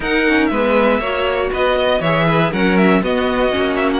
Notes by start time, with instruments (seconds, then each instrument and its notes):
0.00 viola D#4, cello D#4, violin A#4 F#5
0.28 viola C#4
0.46 cello G#3, viola B3, violin B4 E5
0.99 cello A#3, viola F#4, violin C#5
1.51 cello B3, violin B4 D#5
1.76 violin D#5
2.00 cello E3, viola G#4, violin C#5 E5
2.27 violin B4
2.51 cello F#3, viola C#4, violin A#4 F#5
2.77 violin E5
3.02 viola B3, cello B3, violin F#4 D#5
3.50 viola C#4
3.57 cello A#3
3.76 violin E5
3.93 violin F#5